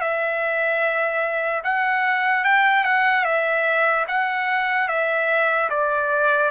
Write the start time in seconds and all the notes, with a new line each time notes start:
0.00 E5
1.63 F#5
2.44 G5
2.84 F#5
3.24 E5
4.07 F#5
4.88 E5
5.69 D5